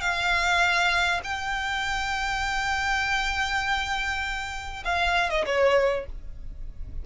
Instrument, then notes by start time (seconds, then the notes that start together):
violin
0.00 F5
1.24 G5
4.84 F5
5.29 D#5
5.45 C#5